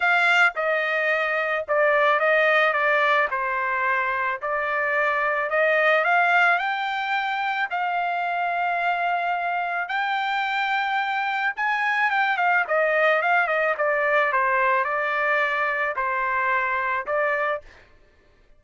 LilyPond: \new Staff \with { instrumentName = "trumpet" } { \time 4/4 \tempo 4 = 109 f''4 dis''2 d''4 | dis''4 d''4 c''2 | d''2 dis''4 f''4 | g''2 f''2~ |
f''2 g''2~ | g''4 gis''4 g''8 f''8 dis''4 | f''8 dis''8 d''4 c''4 d''4~ | d''4 c''2 d''4 | }